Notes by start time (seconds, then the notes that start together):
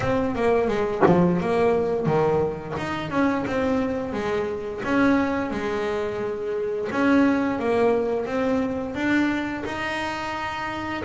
0.00 C4
0.35 A#3
0.67 G#3
1.06 F3
1.40 A#3
2.05 D#3
2.77 D#4
3.10 C#4
3.46 C4
4.12 G#3
4.84 C#4
5.50 G#3
6.91 C#4
7.59 A#3
8.25 C4
8.94 D4
9.65 D#4